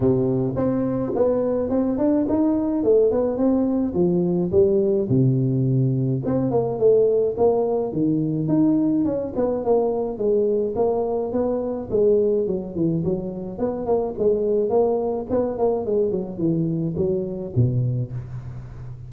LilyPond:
\new Staff \with { instrumentName = "tuba" } { \time 4/4 \tempo 4 = 106 c4 c'4 b4 c'8 d'8 | dis'4 a8 b8 c'4 f4 | g4 c2 c'8 ais8 | a4 ais4 dis4 dis'4 |
cis'8 b8 ais4 gis4 ais4 | b4 gis4 fis8 e8 fis4 | b8 ais8 gis4 ais4 b8 ais8 | gis8 fis8 e4 fis4 b,4 | }